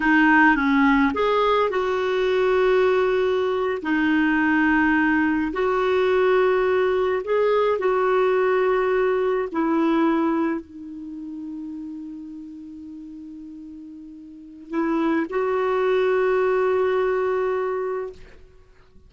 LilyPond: \new Staff \with { instrumentName = "clarinet" } { \time 4/4 \tempo 4 = 106 dis'4 cis'4 gis'4 fis'4~ | fis'2~ fis'8. dis'4~ dis'16~ | dis'4.~ dis'16 fis'2~ fis'16~ | fis'8. gis'4 fis'2~ fis'16~ |
fis'8. e'2 dis'4~ dis'16~ | dis'1~ | dis'2 e'4 fis'4~ | fis'1 | }